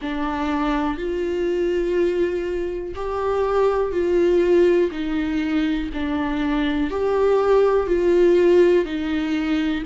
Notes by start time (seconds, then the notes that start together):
0.01 D4
0.97 F4
2.95 G4
3.92 F4
4.91 D#4
5.93 D4
6.90 G4
7.86 F4
8.85 D#4